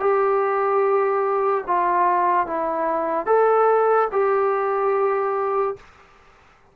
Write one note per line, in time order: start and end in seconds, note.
0.00 1.64 G4
1.67 2.47 F4
2.47 3.26 E4
3.26 4.08 A4
4.12 5.76 G4